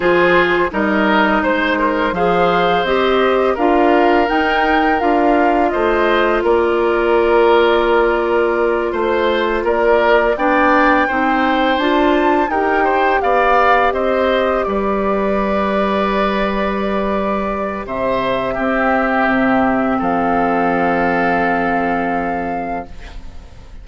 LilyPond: <<
  \new Staff \with { instrumentName = "flute" } { \time 4/4 \tempo 4 = 84 c''4 dis''4 c''4 f''4 | dis''4 f''4 g''4 f''4 | dis''4 d''2.~ | d''8 c''4 d''4 g''4.~ |
g''8 a''4 g''4 f''4 dis''8~ | dis''8 d''2.~ d''8~ | d''4 e''2. | f''1 | }
  \new Staff \with { instrumentName = "oboe" } { \time 4/4 gis'4 ais'4 c''8 ais'8 c''4~ | c''4 ais'2. | c''4 ais'2.~ | ais'8 c''4 ais'4 d''4 c''8~ |
c''4. ais'8 c''8 d''4 c''8~ | c''8 b'2.~ b'8~ | b'4 c''4 g'2 | a'1 | }
  \new Staff \with { instrumentName = "clarinet" } { \time 4/4 f'4 dis'2 gis'4 | g'4 f'4 dis'4 f'4~ | f'1~ | f'2~ f'8 d'4 dis'8~ |
dis'8 f'4 g'2~ g'8~ | g'1~ | g'2 c'2~ | c'1 | }
  \new Staff \with { instrumentName = "bassoon" } { \time 4/4 f4 g4 gis4 f4 | c'4 d'4 dis'4 d'4 | a4 ais2.~ | ais8 a4 ais4 b4 c'8~ |
c'8 d'4 dis'4 b4 c'8~ | c'8 g2.~ g8~ | g4 c4 c'4 c4 | f1 | }
>>